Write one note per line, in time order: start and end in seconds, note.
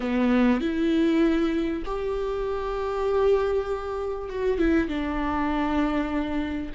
0.00 0.60 B3
0.60 1.83 E4
1.85 4.29 G4
4.29 4.58 F#4
4.58 4.88 E4
4.88 6.72 D4